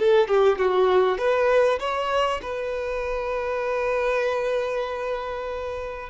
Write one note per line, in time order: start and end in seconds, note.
0.00 0.29 A4
0.29 0.59 G4
0.59 1.19 F#4
1.19 1.80 B4
1.80 2.41 C#5
2.43 6.10 B4